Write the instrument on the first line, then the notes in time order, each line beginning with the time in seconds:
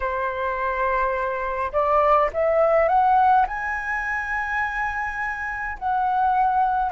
flute
0.00 C5
1.72 D5
2.33 E5
2.88 F#5
3.47 G#5
5.78 F#5